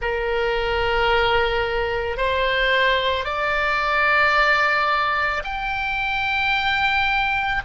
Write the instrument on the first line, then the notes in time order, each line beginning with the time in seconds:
oboe
0.01 A#4
2.17 C5
3.24 D5
5.43 G5